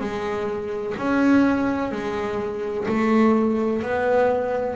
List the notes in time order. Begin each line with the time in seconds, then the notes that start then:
0.00 G#3
0.97 C#4
1.91 G#3
2.88 A3
3.82 B3